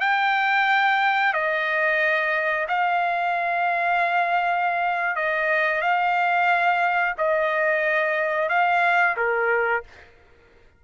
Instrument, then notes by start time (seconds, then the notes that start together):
trumpet
0.00 G5
1.33 D#5
2.68 F5
5.15 D#5
5.81 F5
7.18 D#5
8.49 F5
9.16 A#4